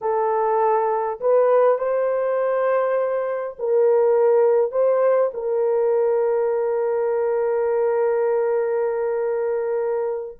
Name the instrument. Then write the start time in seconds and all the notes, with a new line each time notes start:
horn
0.01 A4
1.20 B4
1.78 C5
3.58 A#4
4.71 C5
5.33 A#4